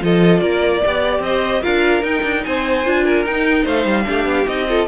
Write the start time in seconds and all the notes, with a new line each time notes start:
0.00 F3 F4 A4 D#5
0.39 A#3 A#4 D5
0.82 B3 G4 D5
1.20 C4 C5 D#5
1.61 D4 F4 A#4 F5
2.02 D#4 G5
2.23 D4
2.44 C4 C5 G#5
2.85 D4 F4
3.04 A#4
3.25 D#4 G5
3.63 A3 C5 F5
3.85 G3
4.04 A3 D4 G4
4.25 B3
4.47 C4 D#4 D#5
4.67 F4 A4